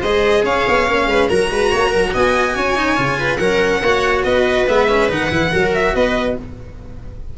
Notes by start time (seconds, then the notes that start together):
0.00 G#3 G#4 C5 D#5
0.43 C#4 C#5 F5
0.68 B3
0.87 A#3 C#4
1.06 G#3 B4
1.29 F#3 F#4 A#4 A#5
1.50 G#3 B4
1.71 A#3 C#5
1.89 F#3 A#4
2.14 B3 D#5 G#5
2.55 C#4 C#5
2.76 D#4
2.96 C#3 F4
3.19 B4
3.37 F#3 C#4 A#4 F#5
3.82 A#3 F#4 C#5
4.24 B3 B4 D#5
4.67 G#3 B3 E5
4.89 C#4
5.09 D#3 D#4 F#5
5.30 E3 E4
5.51 F#3 F#4 A#4
5.74 E5
5.95 B3 B4 D#5